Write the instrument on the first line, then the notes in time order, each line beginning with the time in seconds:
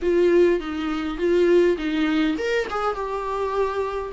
viola
0.02 F4
0.60 D#4
1.18 F4
1.77 D#4
2.37 A#4
2.70 G#4
2.94 G4